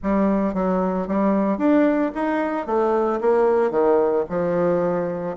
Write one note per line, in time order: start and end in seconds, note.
0.02 0.54 G3
0.54 1.07 F#3
1.07 1.58 G3
1.58 2.11 D4
2.15 2.66 D#4
2.66 3.20 A3
3.20 3.70 A#3
3.70 4.24 D#3
4.29 5.36 F3